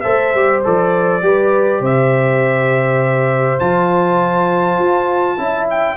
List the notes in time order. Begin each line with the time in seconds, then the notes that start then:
0.00 A3 A4 C5 E5
0.34 G3 G4
0.64 F3 A4 D5
1.22 G3 G4 B4
1.80 C3 C5 E5
3.59 F3 F4 A5
4.78 F4
5.37 C#4 E4 E5
5.70 G5